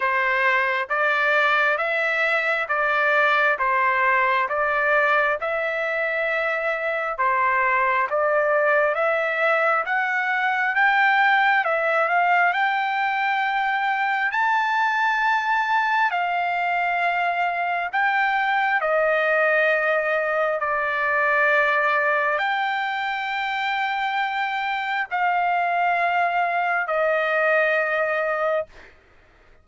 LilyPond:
\new Staff \with { instrumentName = "trumpet" } { \time 4/4 \tempo 4 = 67 c''4 d''4 e''4 d''4 | c''4 d''4 e''2 | c''4 d''4 e''4 fis''4 | g''4 e''8 f''8 g''2 |
a''2 f''2 | g''4 dis''2 d''4~ | d''4 g''2. | f''2 dis''2 | }